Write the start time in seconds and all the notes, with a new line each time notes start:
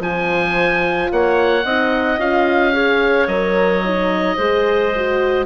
0.00 F3 F4 C5 G#5
1.11 A#3 C#5 F#5
1.64 C4 D#4 D#5
2.17 C#4 F4 F5
2.72 G#4 C#5
3.27 F#3 A#4 D#5
3.84 D#4
4.36 G#3 G#4 C5
4.95 F#4